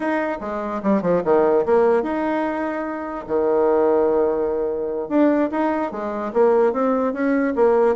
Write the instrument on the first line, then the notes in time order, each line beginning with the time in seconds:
bassoon
0.00 D#4
0.40 G#3
0.82 G3
1.01 F3
1.24 D#3
1.65 A#3
2.03 D#4
3.27 D#3
5.08 D4
5.51 D#4
5.91 G#3
6.33 A#3
6.72 C4
7.13 C#4
7.55 A#3